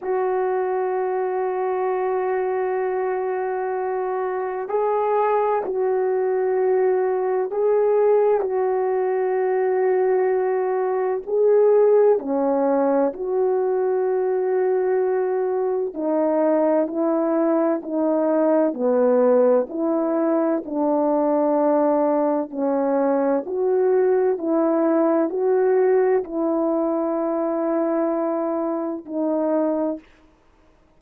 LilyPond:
\new Staff \with { instrumentName = "horn" } { \time 4/4 \tempo 4 = 64 fis'1~ | fis'4 gis'4 fis'2 | gis'4 fis'2. | gis'4 cis'4 fis'2~ |
fis'4 dis'4 e'4 dis'4 | b4 e'4 d'2 | cis'4 fis'4 e'4 fis'4 | e'2. dis'4 | }